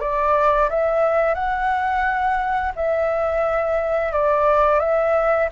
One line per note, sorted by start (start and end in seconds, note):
0.00 0.69 D5
0.69 1.34 E5
1.34 2.72 F#5
2.75 4.12 E5
4.12 4.79 D5
4.79 5.48 E5